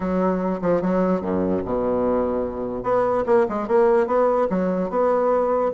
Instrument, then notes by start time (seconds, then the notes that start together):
bassoon
0.00 F#3
0.61 F3
0.81 F#3
1.21 F#2
1.64 B2
2.83 B3
3.26 A#3
3.48 G#3
3.67 A#3
4.06 B3
4.49 F#3
4.90 B3